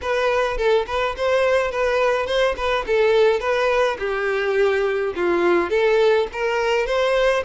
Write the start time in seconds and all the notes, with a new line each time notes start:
0.01 B4
0.57 A4
0.86 B4
1.16 C5
1.71 B4
2.26 C5
2.56 B4
2.86 A4
3.40 B4
3.98 G4
5.15 F4
5.70 A4
6.32 A#4
6.86 C5